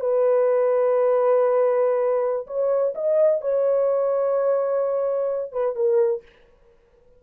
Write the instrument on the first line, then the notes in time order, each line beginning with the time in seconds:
horn
0.00 B4
2.47 C#5
2.95 D#5
3.41 C#5
5.52 B4
5.75 A#4